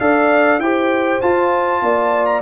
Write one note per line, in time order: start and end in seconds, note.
0.00 0.59 D4
0.00 0.61 A4
0.00 0.62 D5
0.00 0.60 F5
0.59 1.19 E4
0.59 1.22 G4
0.59 1.83 C5
0.59 1.21 G5
1.21 2.42 F4
1.21 1.82 F4
1.21 2.26 A5
1.82 2.42 A#3
1.82 2.42 D5
2.26 2.41 A#5